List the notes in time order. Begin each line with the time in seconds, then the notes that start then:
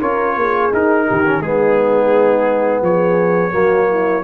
0.00 C#4 F4 A#4 C#5
0.36 A#3 G#4
0.71 D#4 A#4
1.06 D#3 G4
1.25 C#4
1.41 G#3 B3 D#4 G#4
2.81 F3 G#4 C#5
3.51 F#3 A#3 F#4
3.89 E4